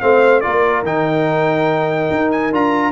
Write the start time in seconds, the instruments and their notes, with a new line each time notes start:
0.00 tuba A3, trombone C4, horn C5, trumpet F5
0.41 tuba A#3, trombone F4, horn A#4, trumpet D5
0.83 tuba D#3, trombone D#4, trumpet G5
2.11 tuba D#4
2.31 trumpet G#5
2.52 tuba D4, trombone F4, trumpet A#5